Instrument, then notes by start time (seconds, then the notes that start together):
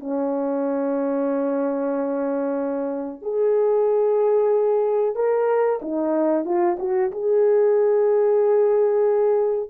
horn
0.00 C#4
3.22 G#4
5.16 A#4
5.82 D#4
6.45 F4
6.79 F#4
7.12 G#4